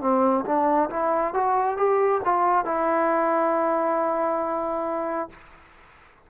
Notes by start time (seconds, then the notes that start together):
0.00 C4
0.45 D4
0.89 E4
1.34 F#4
1.76 G4
2.24 F4
2.65 E4